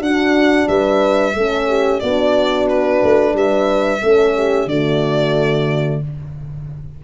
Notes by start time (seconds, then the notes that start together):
0.00 D4 F#4 F#5
0.68 G3 B4 E5
1.34 A3 C#4 A4
1.68 G4
2.00 B3 D4 F#4 D5
2.69 B4
3.03 A3
3.34 G3 B4 E5
4.02 A3 C#4 A4
4.36 G4
4.66 D3 A3 F#4 D5